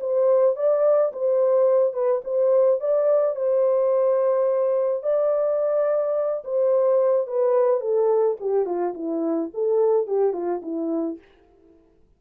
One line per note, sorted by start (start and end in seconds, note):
0.00 0.56 C5
0.56 1.12 D5
1.12 1.93 C5
1.93 2.21 B4
2.24 2.80 C5
2.80 3.35 D5
3.35 5.03 C5
5.03 6.43 D5
6.44 7.26 C5
7.26 7.80 B4
7.80 8.37 A4
8.40 8.66 G4
8.66 8.94 F4
8.94 9.50 E4
9.54 10.07 A4
10.07 10.33 G4
10.33 10.61 F4
10.62 11.18 E4